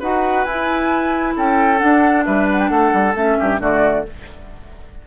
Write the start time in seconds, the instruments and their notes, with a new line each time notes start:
0.00 bassoon D#4, clarinet F#4, oboe B4, flute F#5
0.45 bassoon E4, clarinet E4, flute G#5
1.36 bassoon C#4, oboe A4, flute G5
1.79 clarinet D4, bassoon D4, flute F#5
2.25 bassoon G3, oboe B4, flute E5
2.52 flute F#5
2.60 flute G5
2.70 bassoon A3, oboe A4, flute F#5
2.94 bassoon G3
3.15 bassoon A3, clarinet C#4, flute E5
3.40 bassoon G2, oboe G4
3.60 bassoon D3, clarinet A3, oboe F#4, flute D5